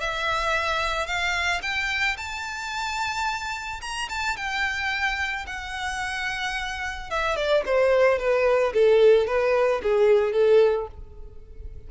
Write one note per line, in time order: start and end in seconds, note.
0.00 1.06 E5
1.06 1.61 F5
1.62 2.16 G5
2.17 3.80 A5
3.81 4.08 A#5
4.09 4.36 A5
4.36 5.45 G5
5.46 7.10 F#5
7.10 7.36 E5
7.36 7.63 D5
7.65 8.18 C5
8.18 8.72 B4
8.73 9.27 A4
9.27 9.81 B4
9.82 10.32 G#4
10.32 10.87 A4